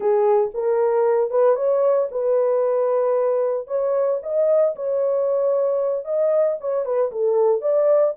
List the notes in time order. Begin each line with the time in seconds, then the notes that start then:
0.00 G#4
0.54 A#4
1.30 B4
1.55 C#5
2.11 B4
3.67 C#5
4.22 D#5
4.75 C#5
6.05 D#5
6.60 C#5
6.85 B4
7.11 A4
7.61 D5